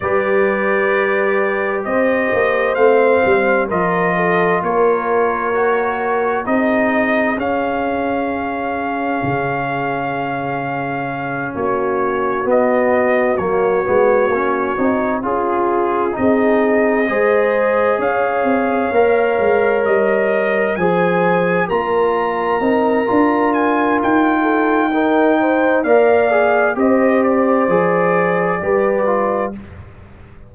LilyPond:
<<
  \new Staff \with { instrumentName = "trumpet" } { \time 4/4 \tempo 4 = 65 d''2 dis''4 f''4 | dis''4 cis''2 dis''4 | f''1~ | f''8 cis''4 dis''4 cis''4.~ |
cis''8 gis'4 dis''2 f''8~ | f''4. dis''4 gis''4 ais''8~ | ais''4. gis''8 g''2 | f''4 dis''8 d''2~ d''8 | }
  \new Staff \with { instrumentName = "horn" } { \time 4/4 b'2 c''2 | ais'8 a'8 ais'2 gis'4~ | gis'1~ | gis'8 fis'2.~ fis'8~ |
fis'8 f'4 gis'4 c''4 cis''8~ | cis''2~ cis''8 c''4 ais'8~ | ais'2~ ais'8 a'8 ais'8 c''8 | d''4 c''2 b'4 | }
  \new Staff \with { instrumentName = "trombone" } { \time 4/4 g'2. c'4 | f'2 fis'4 dis'4 | cis'1~ | cis'4. b4 ais8 b8 cis'8 |
dis'8 f'4 dis'4 gis'4.~ | gis'8 ais'2 gis'4 f'8~ | f'8 dis'8 f'2 dis'4 | ais'8 gis'8 g'4 gis'4 g'8 f'8 | }
  \new Staff \with { instrumentName = "tuba" } { \time 4/4 g2 c'8 ais8 a8 g8 | f4 ais2 c'4 | cis'2 cis2~ | cis8 ais4 b4 fis8 gis8 ais8 |
c'8 cis'4 c'4 gis4 cis'8 | c'8 ais8 gis8 g4 f4 ais8~ | ais8 c'8 d'4 dis'2 | ais4 c'4 f4 g4 | }
>>